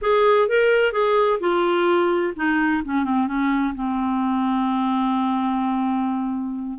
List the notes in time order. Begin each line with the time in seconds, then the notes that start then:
0.01 G#4
0.48 A#4
0.92 G#4
1.40 F4
2.35 D#4
2.84 C#4
3.04 C4
3.27 C#4
3.74 C4